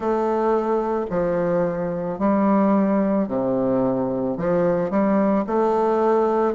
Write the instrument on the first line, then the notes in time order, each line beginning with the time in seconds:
bassoon
0.00 A3
1.10 F3
2.18 G3
3.28 C3
4.37 F3
4.90 G3
5.46 A3